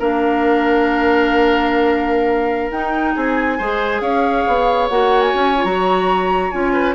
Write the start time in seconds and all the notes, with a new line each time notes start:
0.00 A#3 D4 A#4 F5
2.71 D#4 G5
3.15 C4 G#4 G#5
3.58 G#3 G#4 C5
4.01 C#4 C#5 F5
4.48 B3
4.89 A#3 F#4 F#5
5.22 G#5
5.34 C#4
5.57 F4
5.65 F#3 F#4 A#5
6.51 C#4 F4 G#5
6.74 B4